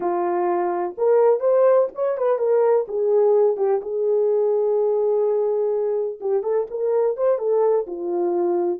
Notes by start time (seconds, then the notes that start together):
0.00 F4
0.97 A#4
1.40 C5
1.94 C#5
2.17 B4
2.38 A#4
2.87 G#4
3.56 G4
3.81 G#4
6.20 G4
6.43 A4
6.70 A#4
7.16 C5
7.38 A4
7.87 F4